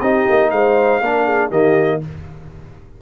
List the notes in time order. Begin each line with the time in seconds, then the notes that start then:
0.00 C4 D#4 G4 D#5
0.29 A#3
0.50 G#3 C5 F5
1.00 A#3 D4 A#4
1.24 G#4
1.49 D#3 A#3 G4 D#5